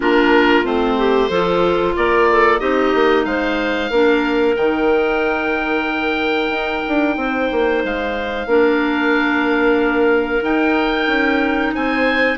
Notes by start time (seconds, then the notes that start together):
0.00 A#3 D4 F4 A#4
0.63 A3 C4 C5
0.97 G4
1.29 F3 F4 A4
1.96 A#3 A#4 D5
2.30 A4
2.59 C4 D#4 G4 D#5
2.94 A#3
3.25 G#3 C5 F5
3.90 A#3 D4 A#4
4.56 D#3 D#4 G5
6.49 D#4
6.87 D4
7.16 C4 C5
7.51 A#3
7.84 G#3 F5
8.46 A#3 D4 A#4
10.41 D#4 G5
11.07 C#4
11.74 C4 C5 G#5